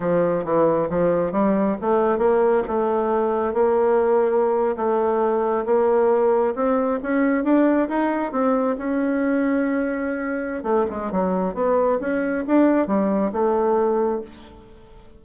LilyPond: \new Staff \with { instrumentName = "bassoon" } { \time 4/4 \tempo 4 = 135 f4 e4 f4 g4 | a4 ais4 a2 | ais2~ ais8. a4~ a16~ | a8. ais2 c'4 cis'16~ |
cis'8. d'4 dis'4 c'4 cis'16~ | cis'1 | a8 gis8 fis4 b4 cis'4 | d'4 g4 a2 | }